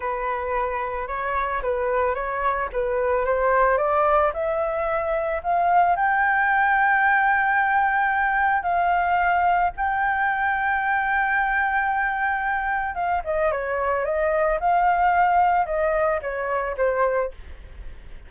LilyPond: \new Staff \with { instrumentName = "flute" } { \time 4/4 \tempo 4 = 111 b'2 cis''4 b'4 | cis''4 b'4 c''4 d''4 | e''2 f''4 g''4~ | g''1 |
f''2 g''2~ | g''1 | f''8 dis''8 cis''4 dis''4 f''4~ | f''4 dis''4 cis''4 c''4 | }